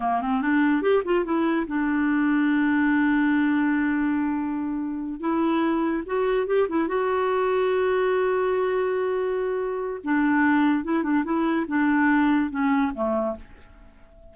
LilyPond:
\new Staff \with { instrumentName = "clarinet" } { \time 4/4 \tempo 4 = 144 ais8 c'8 d'4 g'8 f'8 e'4 | d'1~ | d'1~ | d'8 e'2 fis'4 g'8 |
e'8 fis'2.~ fis'8~ | fis'1 | d'2 e'8 d'8 e'4 | d'2 cis'4 a4 | }